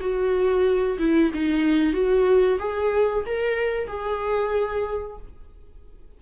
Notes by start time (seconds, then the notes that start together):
0.00 F#4
0.99 E4
1.33 D#4
1.93 F#4
2.59 G#4
3.26 A#4
3.87 G#4